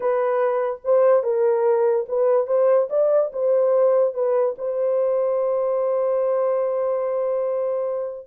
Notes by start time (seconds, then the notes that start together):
0.00 B4
0.84 C5
1.23 A#4
2.08 B4
2.47 C5
2.89 D5
3.32 C5
4.14 B4
4.57 C5